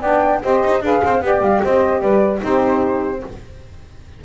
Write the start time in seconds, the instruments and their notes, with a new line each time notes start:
0.00 double bass B3, saxophone D4 D5, flute G5
0.42 double bass C4, saxophone G4 C5, flute D#5
0.65 double bass D#4
0.81 double bass D4, saxophone G#4 B4, flute F5
1.04 double bass C4, saxophone C5
1.21 double bass B3, saxophone G4 D5, flute G5
1.41 double bass G3, flute F5
1.62 double bass C4, saxophone C5, flute D#5
2.01 double bass G3, saxophone B4, flute D5
2.39 double bass C4, saxophone D#4 G4, flute C5